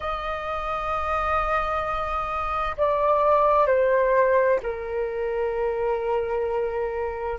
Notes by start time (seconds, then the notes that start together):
0.00 D#5
2.77 D5
3.67 C5
4.62 A#4